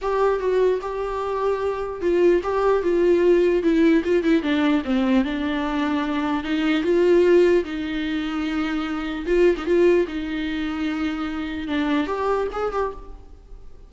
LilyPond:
\new Staff \with { instrumentName = "viola" } { \time 4/4 \tempo 4 = 149 g'4 fis'4 g'2~ | g'4 f'4 g'4 f'4~ | f'4 e'4 f'8 e'8 d'4 | c'4 d'2. |
dis'4 f'2 dis'4~ | dis'2. f'8. dis'16 | f'4 dis'2.~ | dis'4 d'4 g'4 gis'8 g'8 | }